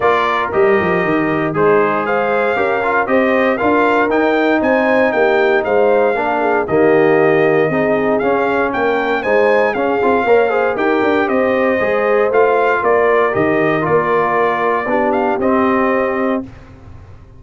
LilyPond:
<<
  \new Staff \with { instrumentName = "trumpet" } { \time 4/4 \tempo 4 = 117 d''4 dis''2 c''4 | f''2 dis''4 f''4 | g''4 gis''4 g''4 f''4~ | f''4 dis''2. |
f''4 g''4 gis''4 f''4~ | f''4 g''4 dis''2 | f''4 d''4 dis''4 d''4~ | d''4. f''8 dis''2 | }
  \new Staff \with { instrumentName = "horn" } { \time 4/4 ais'2. dis'4 | c''4 ais'4 c''4 ais'4~ | ais'4 c''4 g'4 c''4 | ais'8 gis'8 g'2 gis'4~ |
gis'4 ais'4 c''4 gis'4 | cis''8 c''8 ais'4 c''2~ | c''4 ais'2.~ | ais'4 g'2. | }
  \new Staff \with { instrumentName = "trombone" } { \time 4/4 f'4 g'2 gis'4~ | gis'4 g'8 f'8 g'4 f'4 | dis'1 | d'4 ais2 dis'4 |
cis'2 dis'4 cis'8 f'8 | ais'8 gis'8 g'2 gis'4 | f'2 g'4 f'4~ | f'4 d'4 c'2 | }
  \new Staff \with { instrumentName = "tuba" } { \time 4/4 ais4 g8 f8 dis4 gis4~ | gis4 cis'4 c'4 d'4 | dis'4 c'4 ais4 gis4 | ais4 dis2 c'4 |
cis'4 ais4 gis4 cis'8 c'8 | ais4 dis'8 d'8 c'4 gis4 | a4 ais4 dis4 ais4~ | ais4 b4 c'2 | }
>>